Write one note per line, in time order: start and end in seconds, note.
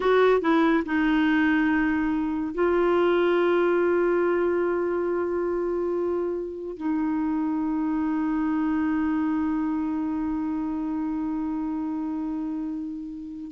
0.00 0.41 F#4
0.41 0.83 E4
0.85 2.54 D#4
2.54 6.76 F4
6.76 13.51 D#4